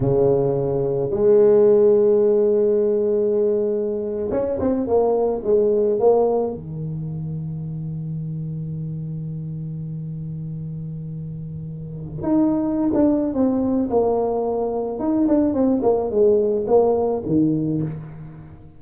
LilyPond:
\new Staff \with { instrumentName = "tuba" } { \time 4/4 \tempo 4 = 108 cis2 gis2~ | gis2.~ gis8. cis'16~ | cis'16 c'8 ais4 gis4 ais4 dis16~ | dis1~ |
dis1~ | dis2 dis'4~ dis'16 d'8. | c'4 ais2 dis'8 d'8 | c'8 ais8 gis4 ais4 dis4 | }